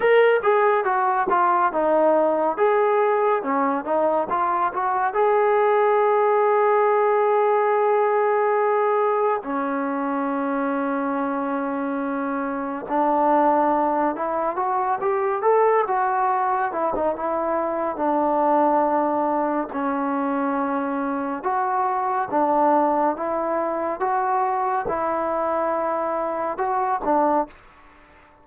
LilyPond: \new Staff \with { instrumentName = "trombone" } { \time 4/4 \tempo 4 = 70 ais'8 gis'8 fis'8 f'8 dis'4 gis'4 | cis'8 dis'8 f'8 fis'8 gis'2~ | gis'2. cis'4~ | cis'2. d'4~ |
d'8 e'8 fis'8 g'8 a'8 fis'4 e'16 dis'16 | e'4 d'2 cis'4~ | cis'4 fis'4 d'4 e'4 | fis'4 e'2 fis'8 d'8 | }